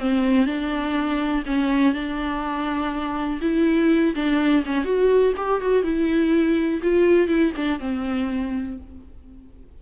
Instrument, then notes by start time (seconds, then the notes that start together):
viola
0.00 C4
0.46 D4
1.46 C#4
1.94 D4
3.42 E4
4.16 D4
4.66 C#4
4.85 F#4
5.37 G4
5.61 F#4
5.83 E4
6.82 F4
7.28 E4
7.57 D4
7.80 C4